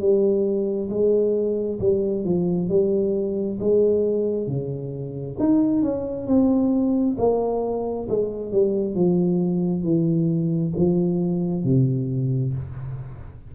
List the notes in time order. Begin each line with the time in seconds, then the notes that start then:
0.00 G3
0.90 G#3
1.80 G3
2.25 F3
2.69 G3
3.59 G#3
4.47 C#3
5.39 D#4
5.82 C#4
6.27 C4
7.18 A#3
8.09 G#3
8.52 G3
8.95 F3
9.83 E3
10.76 F3
11.64 C3